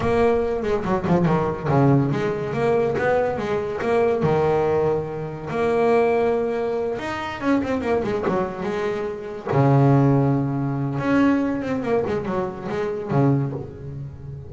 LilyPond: \new Staff \with { instrumentName = "double bass" } { \time 4/4 \tempo 4 = 142 ais4. gis8 fis8 f8 dis4 | cis4 gis4 ais4 b4 | gis4 ais4 dis2~ | dis4 ais2.~ |
ais8 dis'4 cis'8 c'8 ais8 gis8 fis8~ | fis8 gis2 cis4.~ | cis2 cis'4. c'8 | ais8 gis8 fis4 gis4 cis4 | }